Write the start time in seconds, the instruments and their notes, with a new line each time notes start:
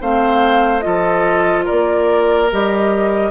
0.00 bassoon A3, clarinet C4, oboe C5, flute F5
0.80 bassoon F3, clarinet F4, oboe A4, flute D#5
1.64 oboe A#4, flute D5
1.71 bassoon A#3
2.51 bassoon G3, clarinet G4, flute D#5